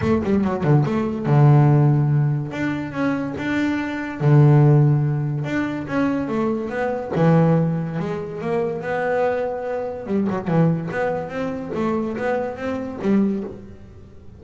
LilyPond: \new Staff \with { instrumentName = "double bass" } { \time 4/4 \tempo 4 = 143 a8 g8 fis8 d8 a4 d4~ | d2 d'4 cis'4 | d'2 d2~ | d4 d'4 cis'4 a4 |
b4 e2 gis4 | ais4 b2. | g8 fis8 e4 b4 c'4 | a4 b4 c'4 g4 | }